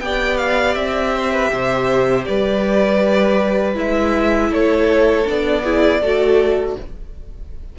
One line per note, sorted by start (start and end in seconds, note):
0.00 0.75 B3
0.00 3.74 G4
0.00 1.15 D5
0.00 0.37 G5
0.37 0.74 F5
0.74 1.50 C4
0.74 2.24 E5
1.15 1.32 C5
1.32 1.51 B4
1.52 2.27 C3
1.52 2.27 C5
2.25 3.76 G3
2.25 4.50 B4
2.25 3.75 D5
3.74 4.50 G#3
3.74 5.24 E4
3.74 4.53 E5
4.50 5.25 A3
4.50 5.63 A4
4.50 5.27 C#5
5.25 6.01 B3
5.25 5.63 D4
5.25 6.77 D5
5.63 6.02 E4
5.63 6.01 G#4
6.01 6.76 A3
6.01 6.78 F#4
6.01 6.76 A4